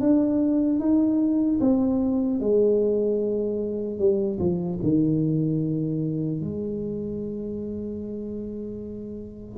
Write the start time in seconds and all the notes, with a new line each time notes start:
0.00 D4
0.79 D#4
1.60 C4
2.40 G#3
3.98 G3
4.39 F3
4.83 D#3
6.40 G#3